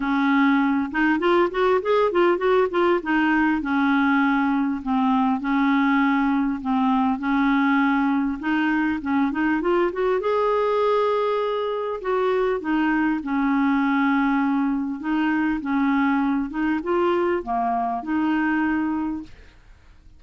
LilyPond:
\new Staff \with { instrumentName = "clarinet" } { \time 4/4 \tempo 4 = 100 cis'4. dis'8 f'8 fis'8 gis'8 f'8 | fis'8 f'8 dis'4 cis'2 | c'4 cis'2 c'4 | cis'2 dis'4 cis'8 dis'8 |
f'8 fis'8 gis'2. | fis'4 dis'4 cis'2~ | cis'4 dis'4 cis'4. dis'8 | f'4 ais4 dis'2 | }